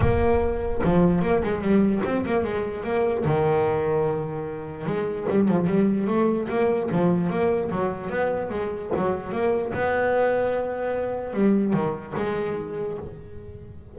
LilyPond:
\new Staff \with { instrumentName = "double bass" } { \time 4/4 \tempo 4 = 148 ais2 f4 ais8 gis8 | g4 c'8 ais8 gis4 ais4 | dis1 | gis4 g8 f8 g4 a4 |
ais4 f4 ais4 fis4 | b4 gis4 fis4 ais4 | b1 | g4 dis4 gis2 | }